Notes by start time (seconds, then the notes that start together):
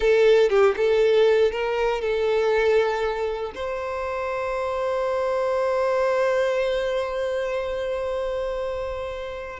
0.00 A4
0.49 G4
0.77 A4
1.51 A#4
2.01 A4
3.54 C5